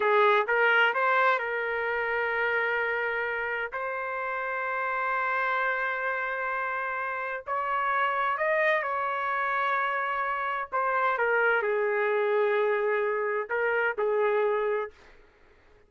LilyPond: \new Staff \with { instrumentName = "trumpet" } { \time 4/4 \tempo 4 = 129 gis'4 ais'4 c''4 ais'4~ | ais'1 | c''1~ | c''1 |
cis''2 dis''4 cis''4~ | cis''2. c''4 | ais'4 gis'2.~ | gis'4 ais'4 gis'2 | }